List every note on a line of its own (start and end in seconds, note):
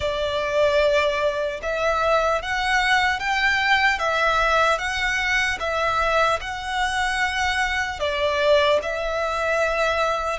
0.00 1.60 D5
1.62 2.42 E5
2.42 3.19 F#5
3.19 3.99 G5
3.99 4.78 E5
4.78 5.58 F#5
5.59 6.39 E5
6.40 7.99 F#5
7.99 8.79 D5
8.82 10.39 E5